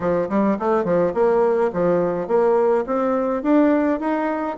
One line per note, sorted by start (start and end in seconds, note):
0.00 0.28 F3
0.29 0.57 G3
0.59 0.84 A3
0.84 1.12 F3
1.14 1.71 A#3
1.73 2.27 F3
2.27 2.84 A#3
2.86 3.42 C4
3.42 3.99 D4
4.00 4.57 D#4